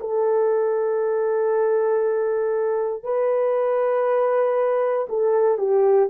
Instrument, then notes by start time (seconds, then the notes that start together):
horn
0.00 A4
3.04 B4
5.09 A4
5.58 G4